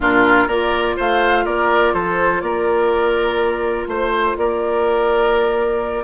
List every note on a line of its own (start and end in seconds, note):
0.00 0.47 A#2
0.00 0.48 D4
0.00 0.47 F4
0.00 0.48 A#4
0.47 0.95 A#3
0.47 6.04 F4
0.47 0.96 A#4
0.47 0.96 D5
0.96 1.45 A3
0.96 1.45 C5
0.96 1.45 F5
1.45 1.93 A#3
1.45 1.93 A#4
1.45 1.93 D5
1.93 2.42 F3
1.93 2.42 A4
1.93 2.41 C5
2.41 3.87 A#3
2.41 3.88 A#4
2.41 3.86 D5
3.87 4.35 A3
3.87 4.37 C5
4.37 6.04 A#3
4.37 6.04 A#4
4.37 6.04 D5